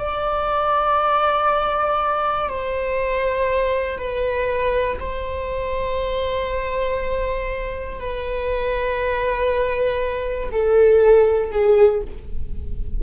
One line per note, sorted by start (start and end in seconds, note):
0.00 2.49 D5
2.49 3.99 C5
3.99 4.99 B4
5.00 8.00 C5
8.00 10.50 B4
10.52 11.52 A4
11.52 12.02 G#4